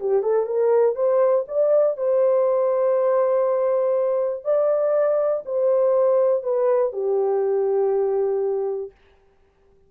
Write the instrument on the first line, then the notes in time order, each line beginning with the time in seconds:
horn
0.00 G4
0.23 A4
0.46 A#4
0.96 C5
1.48 D5
1.97 C5
4.44 D5
5.46 C5
6.43 B4
6.93 G4